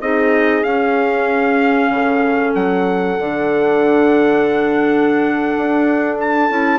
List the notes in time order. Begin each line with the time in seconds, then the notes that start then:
0.00 C4 D#4 G#4 D#5
0.63 C#4 F5
1.89 C#3 A4
2.54 F#3 F#5
3.18 D3 D4
5.56 D4
6.20 A5
6.49 C#4 E4